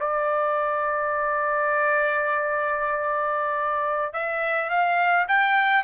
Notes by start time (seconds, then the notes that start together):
0.00 D5
4.14 E5
4.70 F5
5.28 G5